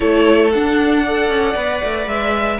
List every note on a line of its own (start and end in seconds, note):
0.00 0.54 A3
0.00 0.50 E4
0.00 1.02 A4
0.00 0.52 C#5
0.52 1.28 D4
0.52 1.07 D4
0.52 2.08 F#5
1.02 1.56 A4
1.02 2.59 D5
1.28 1.55 C#4
1.55 1.81 B3
1.55 2.60 B4
1.83 2.06 A3
2.06 2.58 G#3
2.06 2.60 E5